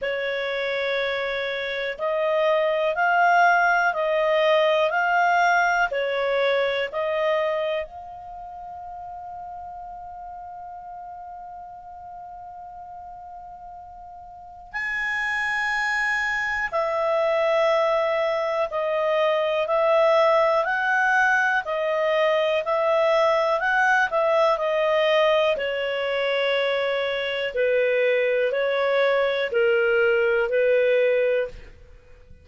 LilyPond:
\new Staff \with { instrumentName = "clarinet" } { \time 4/4 \tempo 4 = 61 cis''2 dis''4 f''4 | dis''4 f''4 cis''4 dis''4 | f''1~ | f''2. gis''4~ |
gis''4 e''2 dis''4 | e''4 fis''4 dis''4 e''4 | fis''8 e''8 dis''4 cis''2 | b'4 cis''4 ais'4 b'4 | }